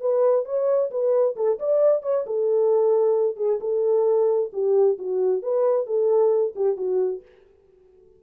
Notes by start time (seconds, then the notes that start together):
0.00 B4
0.45 C#5
0.90 B4
1.36 A4
1.59 D5
2.02 C#5
2.26 A4
3.36 G#4
3.60 A4
4.53 G4
4.98 F#4
5.42 B4
5.86 A4
6.55 G4
6.76 F#4